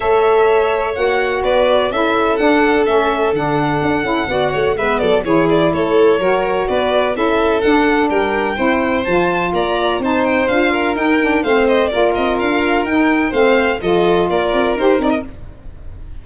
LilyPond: <<
  \new Staff \with { instrumentName = "violin" } { \time 4/4 \tempo 4 = 126 e''2 fis''4 d''4 | e''4 fis''4 e''4 fis''4~ | fis''2 e''8 d''8 cis''8 d''8 | cis''2 d''4 e''4 |
fis''4 g''2 a''4 | ais''4 a''8 g''8 f''4 g''4 | f''8 dis''8 d''8 dis''8 f''4 g''4 | f''4 dis''4 d''4 c''8 d''16 dis''16 | }
  \new Staff \with { instrumentName = "violin" } { \time 4/4 cis''2. b'4 | a'1~ | a'4 d''8 cis''8 b'8 a'8 gis'4 | a'4 ais'4 b'4 a'4~ |
a'4 ais'4 c''2 | d''4 c''4. ais'4. | c''4 ais'2. | c''4 a'4 ais'2 | }
  \new Staff \with { instrumentName = "saxophone" } { \time 4/4 a'2 fis'2 | e'4 d'4 cis'4 d'4~ | d'8 e'8 fis'4 b4 e'4~ | e'4 fis'2 e'4 |
d'2 e'4 f'4~ | f'4 dis'4 f'4 dis'8 d'8 | c'4 f'2 dis'4 | c'4 f'2 g'8 dis'8 | }
  \new Staff \with { instrumentName = "tuba" } { \time 4/4 a2 ais4 b4 | cis'4 d'4 a4 d4 | d'8 cis'8 b8 a8 gis8 fis8 e4 | a4 fis4 b4 cis'4 |
d'4 g4 c'4 f4 | ais4 c'4 d'4 dis'4 | a4 ais8 c'8 d'4 dis'4 | a4 f4 ais8 c'8 dis'8 c'8 | }
>>